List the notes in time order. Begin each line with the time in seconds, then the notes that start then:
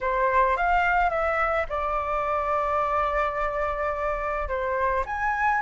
0.01 C5
0.56 F5
1.10 E5
1.69 D5
4.48 C5
5.05 G#5